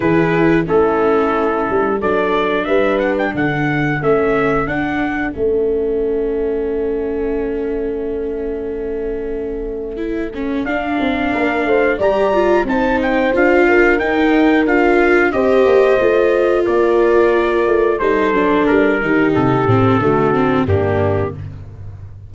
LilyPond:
<<
  \new Staff \with { instrumentName = "trumpet" } { \time 4/4 \tempo 4 = 90 b'4 a'2 d''4 | e''8 fis''16 g''16 fis''4 e''4 fis''4 | e''1~ | e''1 |
f''2 ais''4 a''8 g''8 | f''4 g''4 f''4 dis''4~ | dis''4 d''2 c''4 | ais'4 a'2 g'4 | }
  \new Staff \with { instrumentName = "horn" } { \time 4/4 gis'4 e'2 a'4 | b'4 a'2.~ | a'1~ | a'1~ |
a'4 ais'8 c''8 d''4 c''4~ | c''8 ais'2~ ais'8 c''4~ | c''4 ais'2 a'4~ | a'8 g'4. fis'4 d'4 | }
  \new Staff \with { instrumentName = "viola" } { \time 4/4 e'4 cis'2 d'4~ | d'2 cis'4 d'4 | cis'1~ | cis'2. e'8 cis'8 |
d'2 g'8 f'8 dis'4 | f'4 dis'4 f'4 g'4 | f'2. dis'8 d'8~ | d'8 dis'4 c'8 a8 c'8 ais4 | }
  \new Staff \with { instrumentName = "tuba" } { \time 4/4 e4 a4. g8 fis4 | g4 d4 a4 d'4 | a1~ | a1 |
d'8 c'8 ais8 a8 g4 c'4 | d'4 dis'4 d'4 c'8 ais8 | a4 ais4. a8 g8 fis8 | g8 dis8 c8 a,8 d4 g,4 | }
>>